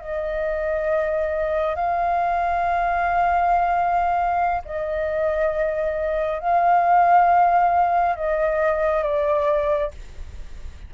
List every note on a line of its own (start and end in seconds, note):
0.00 1.75 D#5
1.75 4.62 F5
4.65 6.39 D#5
6.39 8.15 F5
8.15 9.02 D#5
9.02 9.91 D5